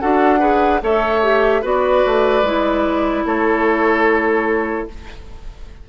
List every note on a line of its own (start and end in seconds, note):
0.00 0.82 D4
0.00 0.40 F#4
0.00 0.39 A4
0.00 0.81 F#5
0.39 0.80 G#4
0.39 0.80 B4
0.81 1.63 A3
0.81 1.22 A4
0.81 1.61 C#5
0.81 1.65 E5
1.22 1.62 G4
1.61 2.04 B3
1.61 2.44 F#4
1.61 3.24 B4
1.61 3.26 D5
2.05 2.43 A3
2.43 3.24 G#3
2.43 4.89 E4
3.25 4.87 A3
3.25 4.89 A4
3.25 4.88 C#5